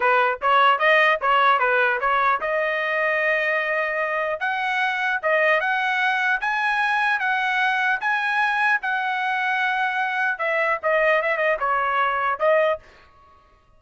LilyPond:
\new Staff \with { instrumentName = "trumpet" } { \time 4/4 \tempo 4 = 150 b'4 cis''4 dis''4 cis''4 | b'4 cis''4 dis''2~ | dis''2. fis''4~ | fis''4 dis''4 fis''2 |
gis''2 fis''2 | gis''2 fis''2~ | fis''2 e''4 dis''4 | e''8 dis''8 cis''2 dis''4 | }